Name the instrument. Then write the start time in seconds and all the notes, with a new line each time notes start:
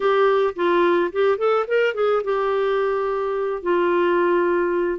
clarinet
0.00 G4
0.55 F4
1.12 G4
1.38 A4
1.67 A#4
1.94 G#4
2.24 G4
3.62 F4